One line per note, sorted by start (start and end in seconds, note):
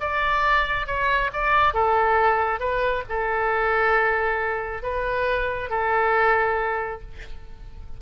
0.00 0.87 D5
0.87 1.30 C#5
1.33 1.74 D5
1.74 2.60 A4
2.60 3.03 B4
3.09 4.82 A4
4.82 5.70 B4
5.70 7.01 A4